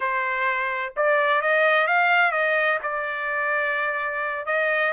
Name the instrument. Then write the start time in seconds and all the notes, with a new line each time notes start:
trumpet
0.00 C5
0.96 D5
1.41 D#5
1.87 F5
2.31 D#5
2.82 D5
4.45 D#5